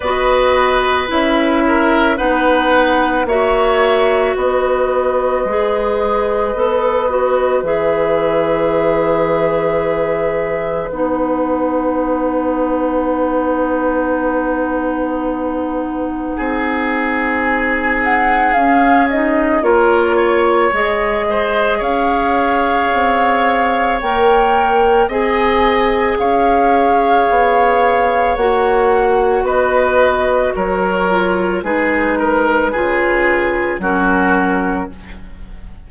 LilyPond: <<
  \new Staff \with { instrumentName = "flute" } { \time 4/4 \tempo 4 = 55 dis''4 e''4 fis''4 e''4 | dis''2. e''4~ | e''2 fis''2~ | fis''1 |
gis''8 fis''8 f''8 dis''8 cis''4 dis''4 | f''2 g''4 gis''4 | f''2 fis''4 dis''4 | cis''4 b'2 ais'4 | }
  \new Staff \with { instrumentName = "oboe" } { \time 4/4 b'4. ais'8 b'4 cis''4 | b'1~ | b'1~ | b'2. gis'4~ |
gis'2 ais'8 cis''4 c''8 | cis''2. dis''4 | cis''2. b'4 | ais'4 gis'8 ais'8 gis'4 fis'4 | }
  \new Staff \with { instrumentName = "clarinet" } { \time 4/4 fis'4 e'4 dis'4 fis'4~ | fis'4 gis'4 a'8 fis'8 gis'4~ | gis'2 dis'2~ | dis'1~ |
dis'4 cis'8 dis'8 f'4 gis'4~ | gis'2 ais'4 gis'4~ | gis'2 fis'2~ | fis'8 f'8 dis'4 f'4 cis'4 | }
  \new Staff \with { instrumentName = "bassoon" } { \time 4/4 b4 cis'4 b4 ais4 | b4 gis4 b4 e4~ | e2 b2~ | b2. c'4~ |
c'4 cis'4 ais4 gis4 | cis'4 c'4 ais4 c'4 | cis'4 b4 ais4 b4 | fis4 gis4 cis4 fis4 | }
>>